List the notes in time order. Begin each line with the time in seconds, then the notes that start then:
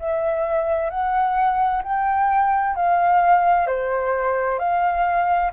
0.00 E5
0.91 F#5
1.84 G5
2.76 F5
3.67 C5
4.59 F5